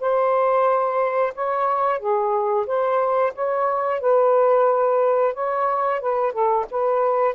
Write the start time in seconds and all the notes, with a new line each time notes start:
0.00 C5
1.35 C#5
1.99 G#4
2.66 C5
3.35 C#5
4.00 B4
5.34 C#5
6.00 B4
6.32 A4
6.71 B4